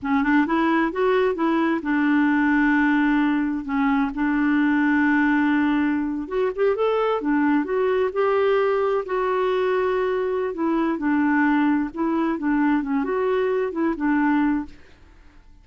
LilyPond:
\new Staff \with { instrumentName = "clarinet" } { \time 4/4 \tempo 4 = 131 cis'8 d'8 e'4 fis'4 e'4 | d'1 | cis'4 d'2.~ | d'4.~ d'16 fis'8 g'8 a'4 d'16~ |
d'8. fis'4 g'2 fis'16~ | fis'2. e'4 | d'2 e'4 d'4 | cis'8 fis'4. e'8 d'4. | }